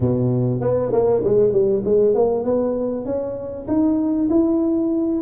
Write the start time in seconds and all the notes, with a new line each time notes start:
0.00 B2
0.61 B3
0.92 A#3
1.24 G#3
1.52 G3
1.85 G#3
2.14 A#3
2.44 B3
3.05 C#4
3.67 D#4
4.29 E4